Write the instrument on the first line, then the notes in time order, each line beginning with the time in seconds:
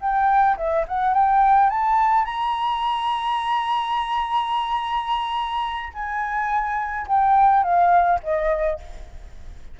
flute
0.00 G5
0.57 E5
0.88 F#5
1.14 G5
1.70 A5
2.25 A#5
5.93 G#5
7.07 G5
7.63 F5
8.23 D#5